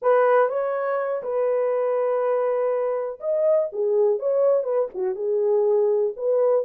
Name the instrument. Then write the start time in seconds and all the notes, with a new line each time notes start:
horn
0.02 B4
0.48 C#5
1.23 B4
3.20 D#5
3.72 G#4
4.19 C#5
4.63 B4
4.94 F#4
5.15 G#4
6.16 B4